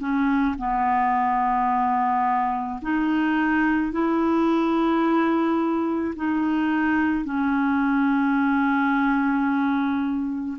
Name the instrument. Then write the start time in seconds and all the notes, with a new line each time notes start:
clarinet
0.00 C#4
0.58 B3
2.82 D#4
3.92 E4
6.16 D#4
7.25 C#4